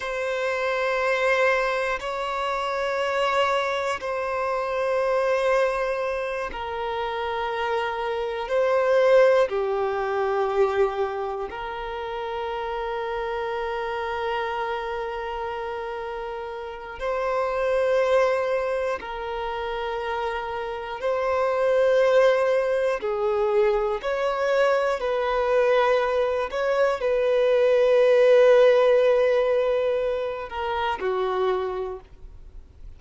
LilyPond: \new Staff \with { instrumentName = "violin" } { \time 4/4 \tempo 4 = 60 c''2 cis''2 | c''2~ c''8 ais'4.~ | ais'8 c''4 g'2 ais'8~ | ais'1~ |
ais'4 c''2 ais'4~ | ais'4 c''2 gis'4 | cis''4 b'4. cis''8 b'4~ | b'2~ b'8 ais'8 fis'4 | }